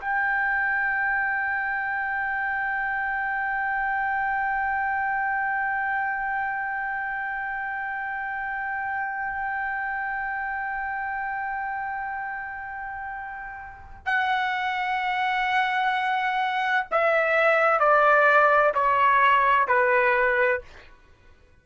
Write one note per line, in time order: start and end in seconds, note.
0.00 14.05 G5
14.05 16.87 F#5
16.91 17.79 E5
17.79 18.73 D5
18.74 19.67 C#5
19.67 20.61 B4